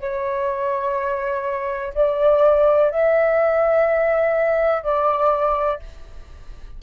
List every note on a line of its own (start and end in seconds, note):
0.00 1.94 C#5
1.94 2.91 D5
2.91 4.83 E5
4.83 5.79 D5